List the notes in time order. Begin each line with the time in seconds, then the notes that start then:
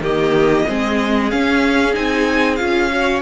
0.00 D#3 A#3 G4 D#5
0.66 G#3 C4 G#4
1.30 C#4 F5
1.93 C4 D#4 G#5
2.55 C#4 F4 F5
2.90 F#4 C#5